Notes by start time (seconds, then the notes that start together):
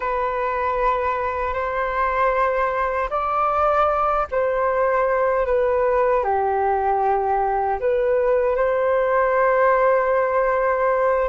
0.00 B4
1.53 C5
3.10 D5
4.31 C5
5.45 B4
6.23 G4
7.80 B4
8.56 C5